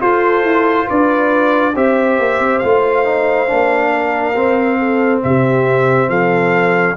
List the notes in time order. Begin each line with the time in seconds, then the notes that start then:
0.00 F4 A4 C5
0.43 E4
0.87 D4 B4 D5
1.75 C4 G4 C5 E5
2.19 A#3
2.40 C4
2.59 A3 F4 F5
3.05 D#4
3.48 A#3 D4
3.92 A#4
4.36 C4
4.79 A4
5.24 C3 G4 E5
6.09 F3 A4 F5